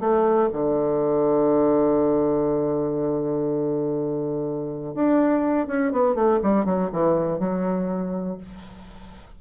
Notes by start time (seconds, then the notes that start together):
0.00 A3
0.53 D3
4.95 D4
5.67 C#4
5.92 B3
6.15 A3
6.43 G3
6.65 F#3
6.93 E3
7.39 F#3